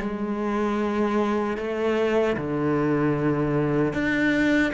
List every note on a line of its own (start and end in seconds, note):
0.00 1.58 G#3
1.58 2.36 A3
2.37 3.94 D3
3.94 4.73 D4